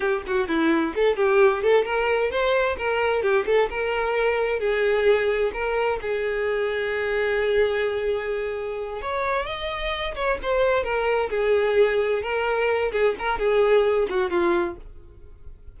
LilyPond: \new Staff \with { instrumentName = "violin" } { \time 4/4 \tempo 4 = 130 g'8 fis'8 e'4 a'8 g'4 a'8 | ais'4 c''4 ais'4 g'8 a'8 | ais'2 gis'2 | ais'4 gis'2.~ |
gis'2.~ gis'8 cis''8~ | cis''8 dis''4. cis''8 c''4 ais'8~ | ais'8 gis'2 ais'4. | gis'8 ais'8 gis'4. fis'8 f'4 | }